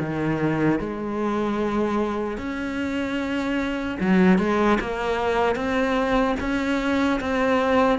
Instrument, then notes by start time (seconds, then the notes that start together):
cello
0.00 D#3
0.80 G#3
2.37 C#4
4.00 F#3
4.38 G#3
4.80 A#3
5.56 C4
6.40 C#4
7.20 C4